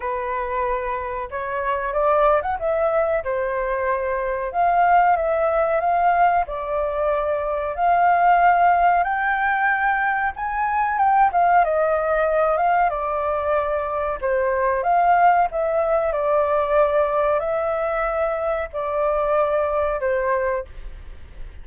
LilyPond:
\new Staff \with { instrumentName = "flute" } { \time 4/4 \tempo 4 = 93 b'2 cis''4 d''8. fis''16 | e''4 c''2 f''4 | e''4 f''4 d''2 | f''2 g''2 |
gis''4 g''8 f''8 dis''4. f''8 | d''2 c''4 f''4 | e''4 d''2 e''4~ | e''4 d''2 c''4 | }